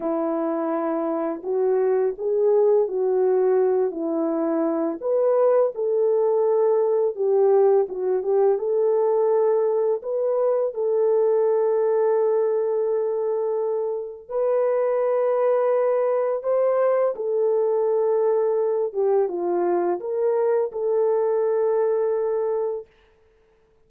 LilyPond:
\new Staff \with { instrumentName = "horn" } { \time 4/4 \tempo 4 = 84 e'2 fis'4 gis'4 | fis'4. e'4. b'4 | a'2 g'4 fis'8 g'8 | a'2 b'4 a'4~ |
a'1 | b'2. c''4 | a'2~ a'8 g'8 f'4 | ais'4 a'2. | }